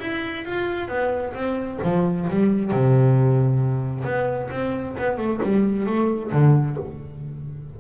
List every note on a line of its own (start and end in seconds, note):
0.00 0.45 E4
0.45 0.88 F4
0.88 1.33 B3
1.33 1.79 C4
1.83 2.28 F3
2.30 2.71 G3
2.71 4.04 C3
4.04 4.49 B3
4.50 4.95 C4
4.98 5.17 B3
5.17 5.40 A3
5.43 5.86 G3
5.86 6.31 A3
6.32 6.77 D3